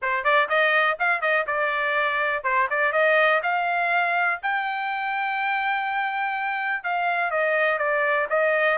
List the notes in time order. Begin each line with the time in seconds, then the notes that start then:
0.02 C5
0.24 D5
0.49 D#5
0.99 F5
1.21 D#5
1.47 D5
2.43 C5
2.70 D5
2.92 D#5
3.43 F5
4.42 G5
6.83 F5
7.30 D#5
7.78 D5
8.29 D#5